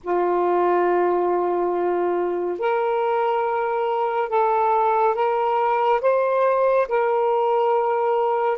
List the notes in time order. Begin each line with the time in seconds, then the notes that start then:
0.03 F4
2.59 A#4
4.29 A4
5.14 A#4
6.01 C5
6.88 A#4